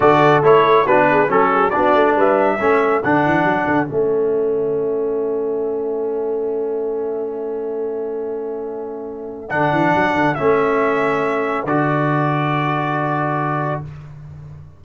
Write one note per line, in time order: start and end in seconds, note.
0.00 0.42 D3
0.00 0.43 F#4
0.00 0.84 A4
0.00 0.43 D5
0.43 0.84 A3
0.43 0.86 E4
0.43 0.86 C#5
0.84 1.28 B3
0.84 1.28 D4
0.84 1.07 F#4
0.84 1.30 B4
1.11 1.31 G#4
1.28 1.72 F#3
1.28 1.71 C#4
1.28 1.70 A4
1.28 1.52 A4
1.53 1.73 G#4
1.70 2.58 D4
1.70 2.15 F#4
1.70 2.13 D5
1.76 1.95 B3
1.95 2.16 A3
2.15 2.59 G3
2.15 2.58 B4
2.15 3.03 E5
2.58 3.02 A3
2.58 3.02 C#4
2.58 13.80 A4
3.03 3.25 D3
3.03 3.87 D4
3.03 3.88 F#5
3.25 3.44 E3
3.44 3.66 F#3
3.66 3.88 D3
3.87 9.51 A3
3.87 9.48 C#4
3.87 9.49 E5
9.49 9.72 D3
9.49 10.36 D4
9.49 10.34 F#5
9.72 9.93 E3
9.95 10.14 F#3
10.14 10.36 D3
10.34 11.64 A3
10.34 11.66 C#4
10.34 11.64 E5
11.64 13.80 D3
11.64 13.84 F#4
11.64 13.81 D5